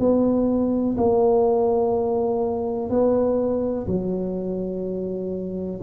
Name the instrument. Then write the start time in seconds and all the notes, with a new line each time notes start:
tuba
0.00 B3
0.98 A#3
2.90 B3
3.88 F#3